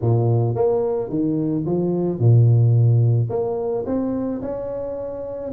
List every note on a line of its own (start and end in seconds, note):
0.01 0.55 A#2
0.55 1.09 A#3
1.09 1.64 D#3
1.65 2.19 F3
2.19 3.29 A#2
3.29 3.84 A#3
3.86 4.41 C4
4.41 5.51 C#4